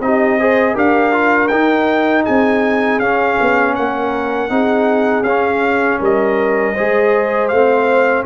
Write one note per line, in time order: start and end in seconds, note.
0.00 0.75 C4
0.00 0.40 D#4
0.00 0.41 G4
0.00 0.77 D#5
0.40 0.75 G#4
0.40 0.74 C5
0.74 1.51 D4
0.74 1.12 G4
0.74 2.24 A#4
0.74 1.48 F5
1.12 1.50 F4
1.48 2.26 D#4
1.48 3.01 D#4
1.48 2.23 G5
2.24 3.00 C4
2.24 3.74 G#4
2.24 3.00 G#5
3.00 3.37 C#4
3.00 4.50 C#4
3.00 3.75 F5
3.40 3.78 B3
3.75 4.50 A#3
3.75 4.51 A#4
3.75 5.24 F#5
4.50 5.22 C4
4.50 5.25 D#4
4.50 5.99 G#4
5.22 5.97 C#4
5.22 6.77 C#4
5.22 5.99 F5
5.99 6.76 G3
5.99 6.74 A#4
5.99 7.48 D#5
6.74 7.51 G#3
6.74 7.52 G#4
6.74 8.24 C5
7.48 8.26 A3
7.48 8.26 C4
7.48 8.23 F5